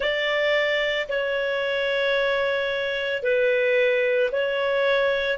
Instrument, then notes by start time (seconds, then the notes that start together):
clarinet
0.00 D5
1.08 C#5
3.22 B4
4.31 C#5